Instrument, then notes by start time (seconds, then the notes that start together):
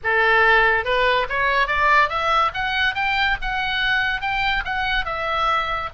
oboe
0.03 A4
0.84 B4
1.29 C#5
1.67 D5
2.09 E5
2.54 F#5
2.95 G5
3.41 F#5
4.21 G5
4.64 F#5
5.05 E5